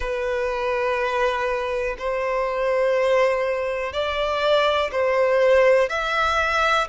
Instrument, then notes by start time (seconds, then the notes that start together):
violin
0.00 B4
1.98 C5
3.92 D5
4.91 C5
5.89 E5